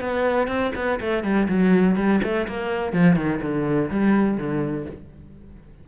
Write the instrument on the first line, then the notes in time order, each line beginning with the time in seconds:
cello
0.00 B3
0.47 C4
0.75 B3
1.00 A3
1.23 G3
1.48 F#3
1.96 G3
2.23 A3
2.47 A#3
2.93 F3
3.16 D#3
3.41 D3
3.90 G3
4.37 D3